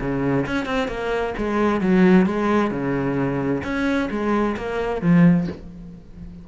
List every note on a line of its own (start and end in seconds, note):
0.00 0.46 C#3
0.46 0.65 C#4
0.65 0.88 C4
0.88 1.34 A#3
1.37 1.81 G#3
1.81 2.26 F#3
2.26 2.71 G#3
2.71 3.62 C#3
3.63 4.09 C#4
4.10 4.56 G#3
4.56 5.01 A#3
5.01 5.47 F3